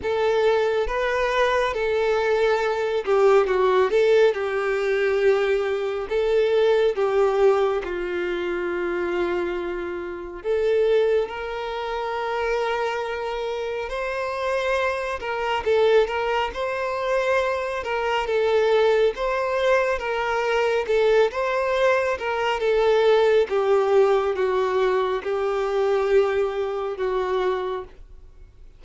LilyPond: \new Staff \with { instrumentName = "violin" } { \time 4/4 \tempo 4 = 69 a'4 b'4 a'4. g'8 | fis'8 a'8 g'2 a'4 | g'4 f'2. | a'4 ais'2. |
c''4. ais'8 a'8 ais'8 c''4~ | c''8 ais'8 a'4 c''4 ais'4 | a'8 c''4 ais'8 a'4 g'4 | fis'4 g'2 fis'4 | }